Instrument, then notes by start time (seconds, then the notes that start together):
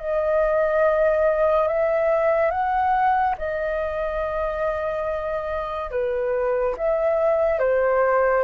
flute
0.00 D#5
1.68 E5
2.51 F#5
3.38 D#5
5.91 B4
6.78 E5
7.60 C5